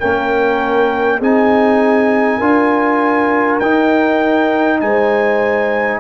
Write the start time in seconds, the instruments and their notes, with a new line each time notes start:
0.00 tuba A#3, trombone C#4, horn A#4, trumpet G5
1.19 tuba C4, trombone D#4, horn G#4, trumpet G#5
2.38 tuba D4, trombone F4, horn A#4
3.60 tuba D#4, trombone D#4, trumpet G5
4.80 tuba G#3, horn C5, trumpet G#5